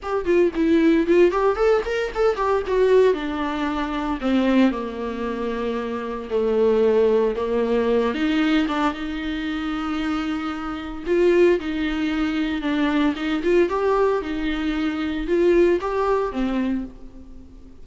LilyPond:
\new Staff \with { instrumentName = "viola" } { \time 4/4 \tempo 4 = 114 g'8 f'8 e'4 f'8 g'8 a'8 ais'8 | a'8 g'8 fis'4 d'2 | c'4 ais2. | a2 ais4. dis'8~ |
dis'8 d'8 dis'2.~ | dis'4 f'4 dis'2 | d'4 dis'8 f'8 g'4 dis'4~ | dis'4 f'4 g'4 c'4 | }